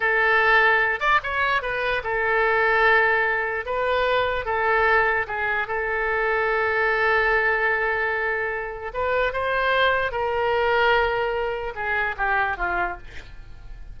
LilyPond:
\new Staff \with { instrumentName = "oboe" } { \time 4/4 \tempo 4 = 148 a'2~ a'8 d''8 cis''4 | b'4 a'2.~ | a'4 b'2 a'4~ | a'4 gis'4 a'2~ |
a'1~ | a'2 b'4 c''4~ | c''4 ais'2.~ | ais'4 gis'4 g'4 f'4 | }